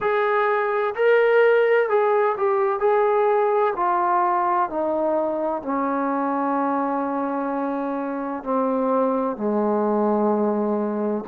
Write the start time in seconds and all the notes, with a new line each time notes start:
0.00 G#4
0.95 A#4
1.89 G#4
2.37 G4
2.79 G#4
3.76 F4
4.69 D#4
5.62 C#4
8.43 C4
9.37 G#3